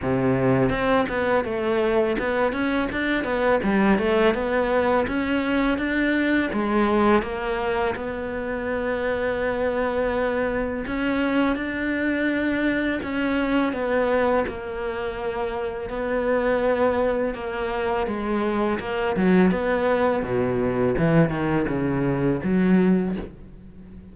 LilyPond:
\new Staff \with { instrumentName = "cello" } { \time 4/4 \tempo 4 = 83 c4 c'8 b8 a4 b8 cis'8 | d'8 b8 g8 a8 b4 cis'4 | d'4 gis4 ais4 b4~ | b2. cis'4 |
d'2 cis'4 b4 | ais2 b2 | ais4 gis4 ais8 fis8 b4 | b,4 e8 dis8 cis4 fis4 | }